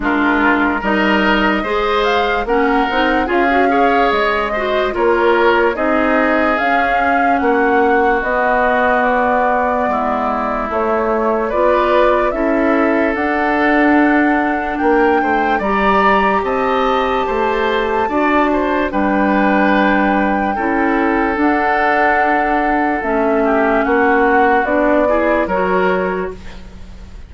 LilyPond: <<
  \new Staff \with { instrumentName = "flute" } { \time 4/4 \tempo 4 = 73 ais'4 dis''4. f''8 fis''4 | f''4 dis''4 cis''4 dis''4 | f''4 fis''4 dis''4 d''4~ | d''4 cis''4 d''4 e''4 |
fis''2 g''4 ais''4 | a''2. g''4~ | g''2 fis''2 | e''4 fis''4 d''4 cis''4 | }
  \new Staff \with { instrumentName = "oboe" } { \time 4/4 f'4 ais'4 c''4 ais'4 | gis'8 cis''4 c''8 ais'4 gis'4~ | gis'4 fis'2. | e'2 b'4 a'4~ |
a'2 ais'8 c''8 d''4 | dis''4 c''4 d''8 c''8 b'4~ | b'4 a'2.~ | a'8 g'8 fis'4. gis'8 ais'4 | }
  \new Staff \with { instrumentName = "clarinet" } { \time 4/4 d'4 dis'4 gis'4 cis'8 dis'8 | f'16 fis'16 gis'4 fis'8 f'4 dis'4 | cis'2 b2~ | b4 a4 f'4 e'4 |
d'2. g'4~ | g'2 fis'4 d'4~ | d'4 e'4 d'2 | cis'2 d'8 e'8 fis'4 | }
  \new Staff \with { instrumentName = "bassoon" } { \time 4/4 gis4 g4 gis4 ais8 c'8 | cis'4 gis4 ais4 c'4 | cis'4 ais4 b2 | gis4 a4 b4 cis'4 |
d'2 ais8 a8 g4 | c'4 a4 d'4 g4~ | g4 cis'4 d'2 | a4 ais4 b4 fis4 | }
>>